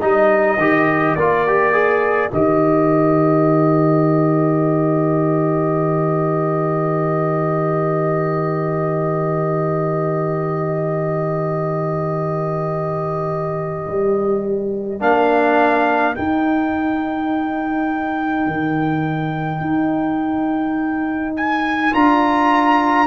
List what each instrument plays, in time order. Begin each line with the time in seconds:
0.00 tuba G3, trombone D#4, horn A#4, trumpet D#5
0.58 tuba D#3, trombone G4
1.16 tuba A#3, trombone F4, trumpet D5
1.48 trombone G4
1.73 trombone G#4
2.33 tuba D#3, trombone G4, trumpet D#5
13.87 tuba G3
15.00 tuba A#3, trombone D4, trumpet F5
16.14 trombone D#4, tuba D#4, trumpet G5
18.47 tuba D#3
19.61 tuba D#4
21.37 trumpet G#5
21.92 tuba D4, trombone F4, trumpet A#5